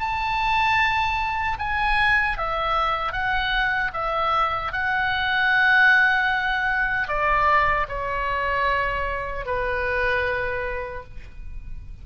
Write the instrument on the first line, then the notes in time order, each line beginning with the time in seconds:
oboe
0.00 A5
1.59 G#5
2.38 E5
3.13 F#5
3.94 E5
4.73 F#5
7.08 D5
7.89 C#5
9.46 B4